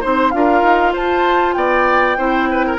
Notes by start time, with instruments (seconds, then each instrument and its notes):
0.00 bassoon C4, clarinet D#4, oboe C5, flute C6
0.31 bassoon D4, clarinet F4, oboe A#4, flute F5
0.62 bassoon D#4
0.92 bassoon F4, oboe C5, flute A5
1.53 bassoon B3, oboe D5, flute G5
2.17 bassoon C4, clarinet E4, oboe C5
2.51 oboe B4
2.66 oboe A#4